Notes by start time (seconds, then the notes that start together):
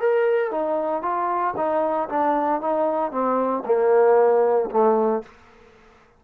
0.00 A#4
0.51 D#4
1.02 F4
1.57 D#4
2.09 D4
2.61 D#4
3.11 C4
3.65 A#3
4.70 A3